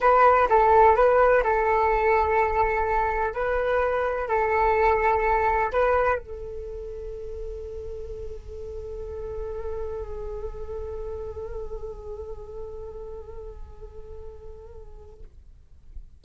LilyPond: \new Staff \with { instrumentName = "flute" } { \time 4/4 \tempo 4 = 126 b'4 a'4 b'4 a'4~ | a'2. b'4~ | b'4 a'2. | b'4 a'2.~ |
a'1~ | a'1~ | a'1~ | a'1 | }